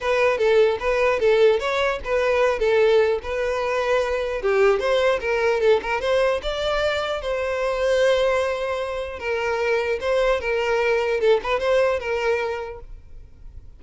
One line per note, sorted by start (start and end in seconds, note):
0.00 0.38 B4
0.38 0.78 A4
0.79 1.19 B4
1.19 1.59 A4
1.59 1.99 C#5
2.04 2.59 B4
2.59 3.19 A4
3.22 4.42 B4
4.42 4.79 G4
4.79 5.19 C5
5.20 5.60 A#4
5.60 5.80 A4
5.82 6.00 A#4
6.00 6.40 C5
6.42 7.21 D5
7.21 9.19 C5
9.19 9.99 A#4
10.00 10.40 C5
10.40 11.20 A#4
11.20 11.40 A4
11.43 11.59 B4
11.59 11.99 C5
11.99 12.79 A#4